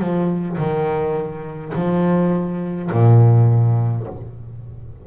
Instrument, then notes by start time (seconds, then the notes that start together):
double bass
0.00 F3
0.58 D#3
1.75 F3
2.92 A#2